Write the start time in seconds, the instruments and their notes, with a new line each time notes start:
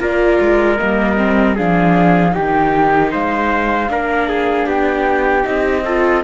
0.00 cello A#3, viola F4, trumpet A#4, flute D5
0.41 cello G#3
0.76 viola A#3, flute D#5
0.83 cello G3
1.18 viola C4
1.56 cello F3, viola D4, trumpet G#4, flute F5
2.32 cello D#3, viola D#4, trumpet G4, flute G5
3.12 cello G#3, trumpet C5, flute F5
3.89 cello A#3, viola D4, trumpet A#4
4.29 trumpet G#4
4.66 cello B3, trumpet G4, flute G5
5.43 cello C4, viola D#4, flute D#5
5.85 viola F4, trumpet A4